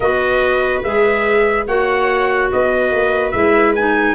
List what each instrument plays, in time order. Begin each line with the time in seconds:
0.00 tuba B3, clarinet F#4, viola B4, trumpet D#5
0.83 tuba G#3, clarinet G#4, trumpet E5
1.67 tuba A#3, clarinet F#4, viola C#5, trumpet F#5
2.50 tuba B3, viola B4, trumpet D#5
2.91 tuba A#3
3.31 tuba G#3, clarinet E4, trumpet E5
3.75 clarinet D#4, trumpet G#5